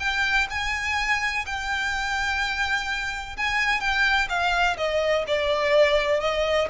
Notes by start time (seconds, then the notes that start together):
0.00 G5
0.50 G#5
1.46 G5
3.37 G#5
3.81 G5
4.29 F5
4.77 D#5
5.27 D5
6.21 D#5